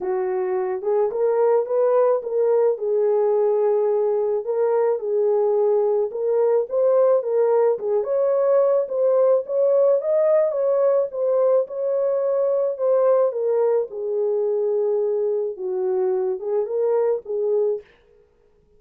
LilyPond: \new Staff \with { instrumentName = "horn" } { \time 4/4 \tempo 4 = 108 fis'4. gis'8 ais'4 b'4 | ais'4 gis'2. | ais'4 gis'2 ais'4 | c''4 ais'4 gis'8 cis''4. |
c''4 cis''4 dis''4 cis''4 | c''4 cis''2 c''4 | ais'4 gis'2. | fis'4. gis'8 ais'4 gis'4 | }